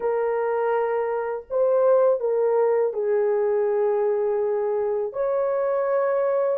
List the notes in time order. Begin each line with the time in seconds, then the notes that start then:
0.00 A#4
1.50 C5
2.20 A#4
2.93 G#4
5.12 C#5